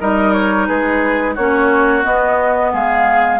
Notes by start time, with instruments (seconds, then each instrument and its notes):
0.00 bassoon G3, clarinet D#4, oboe A#4, flute D#5
0.33 flute C#5
0.67 bassoon G#3, oboe G#4, flute B4
1.35 bassoon A#3, clarinet C#4, oboe F#4, flute C#5
2.03 clarinet B3, bassoon B3, flute D#5
2.73 bassoon G#3, oboe G#4, flute F5